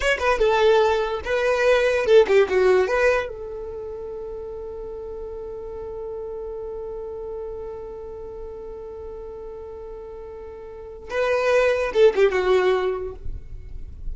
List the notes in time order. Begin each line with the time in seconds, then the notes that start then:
0.00 C#5
0.19 B4
0.38 A4
1.24 B4
2.05 A4
2.27 G4
2.49 F#4
2.87 B4
3.28 A4
11.10 B4
11.93 A4
12.15 G4
12.32 F#4